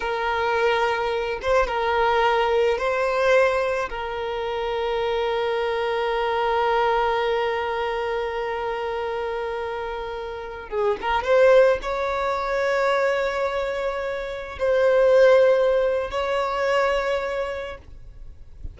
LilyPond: \new Staff \with { instrumentName = "violin" } { \time 4/4 \tempo 4 = 108 ais'2~ ais'8 c''8 ais'4~ | ais'4 c''2 ais'4~ | ais'1~ | ais'1~ |
ais'2.~ ais'16 gis'8 ais'16~ | ais'16 c''4 cis''2~ cis''8.~ | cis''2~ cis''16 c''4.~ c''16~ | c''4 cis''2. | }